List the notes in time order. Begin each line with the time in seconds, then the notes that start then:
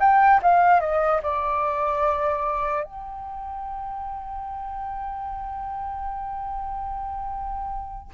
0.00 G5
0.42 F5
0.80 D#5
1.23 D5
2.84 G5